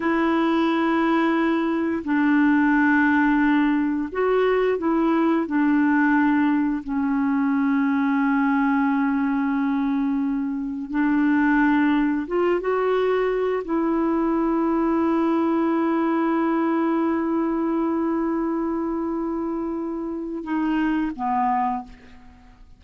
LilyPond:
\new Staff \with { instrumentName = "clarinet" } { \time 4/4 \tempo 4 = 88 e'2. d'4~ | d'2 fis'4 e'4 | d'2 cis'2~ | cis'1 |
d'2 f'8 fis'4. | e'1~ | e'1~ | e'2 dis'4 b4 | }